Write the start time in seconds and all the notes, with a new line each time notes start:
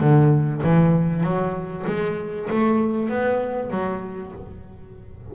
0.00 D3
0.63 E3
1.23 F#3
1.87 G#3
2.50 A3
3.09 B3
3.70 F#3